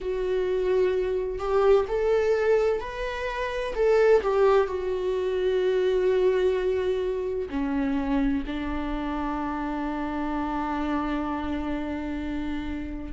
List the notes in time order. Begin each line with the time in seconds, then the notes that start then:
0.00 F#4
1.38 G4
1.87 A4
2.80 B4
3.75 A4
4.22 G4
4.67 F#4
7.49 C#4
8.46 D4